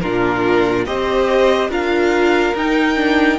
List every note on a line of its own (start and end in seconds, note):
0.00 0.86 A#2
0.00 0.86 D4
0.00 0.86 F4
0.00 0.85 A#4
0.86 1.68 C4
0.86 1.70 G4
0.86 1.70 C5
0.86 1.70 D#5
1.68 2.53 D4
1.68 2.55 F4
1.68 3.39 A#4
1.68 2.56 F5
2.54 3.38 D#4
2.54 2.95 D#4
2.54 3.39 G5
2.95 3.38 D4